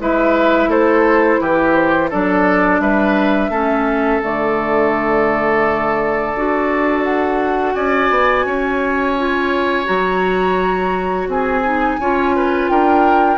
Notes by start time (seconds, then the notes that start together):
0.00 G#3 E4 B4 E5
0.67 A3 A4 C5
1.41 E3 G4 B4
1.74 C5
2.10 F#3 D4 A4 D5
2.80 G3 B4 E5
3.49 A3 C#4 A4
4.22 D3 A3 D5
6.35 D4 F#4
7.04 F#5
7.74 C#4 D5 G#5
8.10 B3
8.45 C#4 C#5
9.18 F4
9.85 F#3 F#4 A#5
11.27 C4 G#4 G#5
11.64 D#4
12.00 C#4 F4 C#5
12.36 B4
12.69 D4 A#4 G5